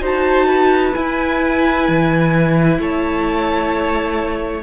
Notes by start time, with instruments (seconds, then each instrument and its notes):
0.00 cello D#4, viola F#4, violin C5 A5
0.47 violin B4
0.94 viola E4, cello E4, violin G#5
1.89 cello E3
2.79 cello A3, violin C#5 A5